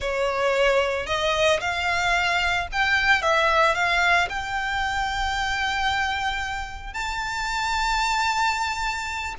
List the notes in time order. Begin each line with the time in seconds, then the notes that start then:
0.00 C#5
1.06 D#5
1.60 F5
2.72 G5
3.22 E5
3.75 F5
4.29 G5
6.93 A5